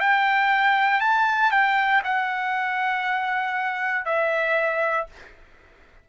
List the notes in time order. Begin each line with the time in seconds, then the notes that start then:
0.00 G5
1.00 A5
1.51 G5
2.04 F#5
4.05 E5